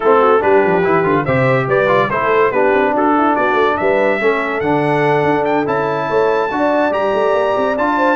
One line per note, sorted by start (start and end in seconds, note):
0.00 0.42 A3
0.00 0.40 C4
0.00 0.19 E4
0.00 0.42 A4
0.19 0.40 F#4
0.40 0.63 G3
0.40 0.82 D4
0.40 1.24 G4
0.40 1.25 B4
0.64 0.85 F3
0.84 1.04 E3
0.84 1.03 E4
1.03 1.25 D3
1.03 1.24 F4
1.25 1.67 C3
1.25 1.87 G4
1.25 1.67 C5
1.25 1.67 E5
1.67 2.09 G3
1.67 2.10 B4
1.67 2.10 D5
1.87 2.08 F4
2.10 2.51 A3
2.10 2.53 E4
2.10 2.51 A4
2.10 2.51 C5
2.51 2.72 B3
2.51 4.20 D4
2.51 2.93 G4
2.51 2.93 B4
2.73 2.93 C4
2.93 3.35 D4
2.93 3.15 F#4
2.93 3.35 A4
3.17 3.34 E4
3.34 3.52 B3
3.34 3.76 F#4
3.34 3.77 D5
3.52 3.73 A3
3.77 4.20 G3
3.77 4.19 B4
3.77 4.60 E5
4.19 4.61 A3
4.19 4.62 C#4
4.19 6.08 A4
4.60 5.23 D3
4.60 5.65 D4
4.60 5.44 F#5
5.23 5.65 D4
5.45 5.66 G5
5.65 6.09 C#4
5.65 6.49 E4
5.65 6.93 A5
6.08 6.51 A3
6.08 6.50 C#5
6.51 6.90 D4
6.51 6.91 F#4
6.51 7.96 D5
6.90 7.11 G3
6.90 7.75 G4
6.90 7.77 A#5
7.13 7.33 A3
7.33 7.54 A#3
7.57 7.77 C4
7.77 8.15 D4
7.77 8.15 F4
7.77 8.15 A5
7.96 8.15 C5